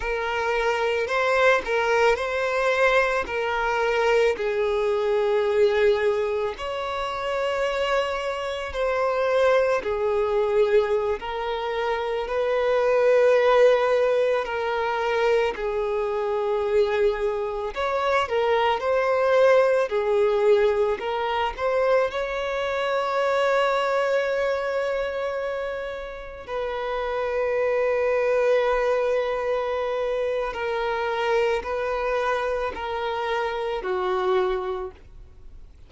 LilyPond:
\new Staff \with { instrumentName = "violin" } { \time 4/4 \tempo 4 = 55 ais'4 c''8 ais'8 c''4 ais'4 | gis'2 cis''2 | c''4 gis'4~ gis'16 ais'4 b'8.~ | b'4~ b'16 ais'4 gis'4.~ gis'16~ |
gis'16 cis''8 ais'8 c''4 gis'4 ais'8 c''16~ | c''16 cis''2.~ cis''8.~ | cis''16 b'2.~ b'8. | ais'4 b'4 ais'4 fis'4 | }